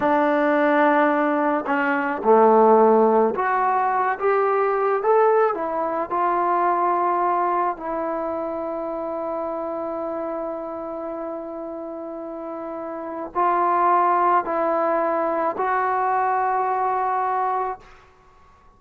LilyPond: \new Staff \with { instrumentName = "trombone" } { \time 4/4 \tempo 4 = 108 d'2. cis'4 | a2 fis'4. g'8~ | g'4 a'4 e'4 f'4~ | f'2 e'2~ |
e'1~ | e'1 | f'2 e'2 | fis'1 | }